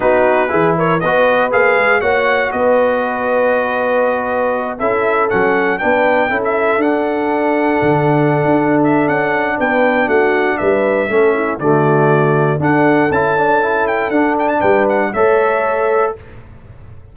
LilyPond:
<<
  \new Staff \with { instrumentName = "trumpet" } { \time 4/4 \tempo 4 = 119 b'4. cis''8 dis''4 f''4 | fis''4 dis''2.~ | dis''4. e''4 fis''4 g''8~ | g''8. e''8. fis''2~ fis''8~ |
fis''4. e''8 fis''4 g''4 | fis''4 e''2 d''4~ | d''4 fis''4 a''4. g''8 | fis''8 g''16 a''16 g''8 fis''8 e''2 | }
  \new Staff \with { instrumentName = "horn" } { \time 4/4 fis'4 gis'8 ais'8 b'2 | cis''4 b'2.~ | b'4. a'2 b'8~ | b'8 a'2.~ a'8~ |
a'2. b'4 | fis'4 b'4 a'8 e'8 fis'4~ | fis'4 a'2.~ | a'4 b'4 cis''2 | }
  \new Staff \with { instrumentName = "trombone" } { \time 4/4 dis'4 e'4 fis'4 gis'4 | fis'1~ | fis'4. e'4 cis'4 d'8~ | d'8 e'4 d'2~ d'8~ |
d'1~ | d'2 cis'4 a4~ | a4 d'4 e'8 d'8 e'4 | d'2 a'2 | }
  \new Staff \with { instrumentName = "tuba" } { \time 4/4 b4 e4 b4 ais8 gis8 | ais4 b2.~ | b4. cis'4 fis4 b8~ | b8 cis'4 d'2 d8~ |
d8. d'4~ d'16 cis'4 b4 | a4 g4 a4 d4~ | d4 d'4 cis'2 | d'4 g4 a2 | }
>>